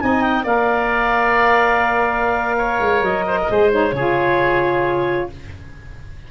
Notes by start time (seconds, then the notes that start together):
0.00 C4 D#4 D#5 G#5
0.21 G5
0.43 A#3 A#4 D5 F5
2.58 C#5
2.80 G#3
3.01 F#3 D#5
3.27 C5
3.42 G#4 A#4
3.50 G#3 C5
3.70 D#4 C#5
3.92 C#3 F4 G#4